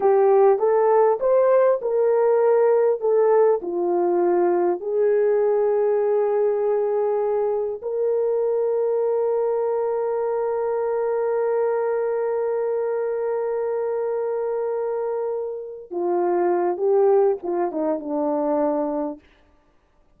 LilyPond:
\new Staff \with { instrumentName = "horn" } { \time 4/4 \tempo 4 = 100 g'4 a'4 c''4 ais'4~ | ais'4 a'4 f'2 | gis'1~ | gis'4 ais'2.~ |
ais'1~ | ais'1~ | ais'2~ ais'8 f'4. | g'4 f'8 dis'8 d'2 | }